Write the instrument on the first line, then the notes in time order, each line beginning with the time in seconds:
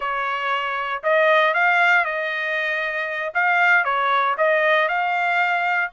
trumpet
0.00 C#5
1.03 D#5
1.54 F5
2.04 D#5
3.34 F5
3.84 C#5
4.37 D#5
4.88 F5